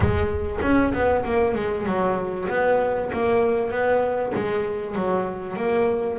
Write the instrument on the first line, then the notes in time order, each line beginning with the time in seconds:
double bass
0.00 G#3
0.61 C#4
0.93 B3
1.24 A#3
1.55 G#3
1.86 F#3
2.49 B3
3.12 A#3
3.70 B3
4.35 G#3
4.95 F#3
5.56 A#3